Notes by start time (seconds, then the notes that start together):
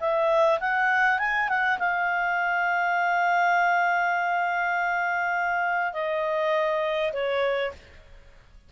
0.00 E5
0.60 F#5
1.19 G#5
1.49 F#5
1.79 F5
5.93 D#5
7.13 C#5